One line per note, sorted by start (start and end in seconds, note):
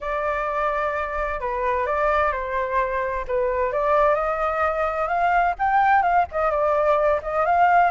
0.00 1.40 D5
1.40 1.86 B4
1.86 2.32 D5
2.32 3.25 C5
3.27 3.72 B4
3.72 4.15 D5
4.15 5.07 D#5
5.07 5.54 F5
5.58 6.02 G5
6.02 6.25 F5
6.31 6.50 D#5
6.50 7.20 D5
7.22 7.45 D#5
7.45 7.90 F5